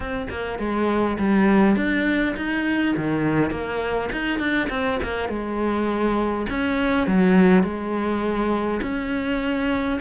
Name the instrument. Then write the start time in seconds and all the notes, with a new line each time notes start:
cello
0.00 C4
0.30 A#3
0.58 G#3
1.18 G3
1.76 D4
2.36 D#4
2.97 D#3
3.51 A#3
4.11 D#4
4.39 D4
4.69 C4
5.03 A#3
5.28 G#3
6.49 C#4
7.07 F#3
7.63 G#3
8.82 C#4